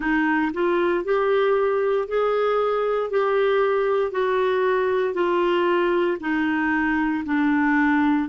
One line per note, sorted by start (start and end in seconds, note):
0.00 0.52 D#4
0.53 1.04 F4
1.04 2.07 G4
2.08 3.10 G#4
3.10 4.11 G4
4.11 5.14 F#4
5.14 6.17 F4
6.20 7.24 D#4
7.25 8.29 D4